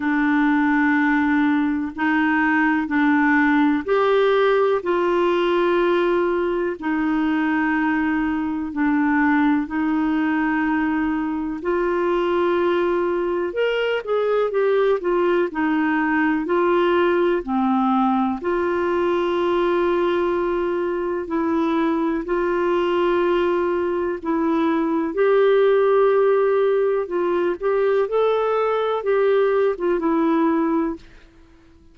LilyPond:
\new Staff \with { instrumentName = "clarinet" } { \time 4/4 \tempo 4 = 62 d'2 dis'4 d'4 | g'4 f'2 dis'4~ | dis'4 d'4 dis'2 | f'2 ais'8 gis'8 g'8 f'8 |
dis'4 f'4 c'4 f'4~ | f'2 e'4 f'4~ | f'4 e'4 g'2 | f'8 g'8 a'4 g'8. f'16 e'4 | }